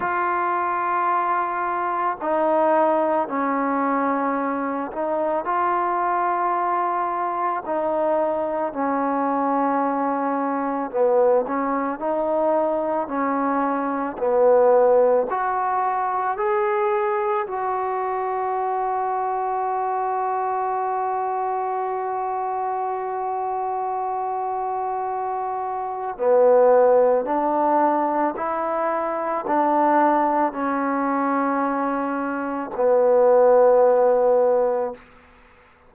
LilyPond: \new Staff \with { instrumentName = "trombone" } { \time 4/4 \tempo 4 = 55 f'2 dis'4 cis'4~ | cis'8 dis'8 f'2 dis'4 | cis'2 b8 cis'8 dis'4 | cis'4 b4 fis'4 gis'4 |
fis'1~ | fis'1 | b4 d'4 e'4 d'4 | cis'2 b2 | }